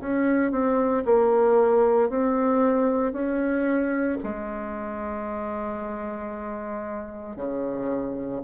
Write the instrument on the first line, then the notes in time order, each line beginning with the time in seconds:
bassoon
0.00 C#4
0.51 C4
1.05 A#3
2.10 C4
3.12 C#4
4.23 G#3
7.36 C#3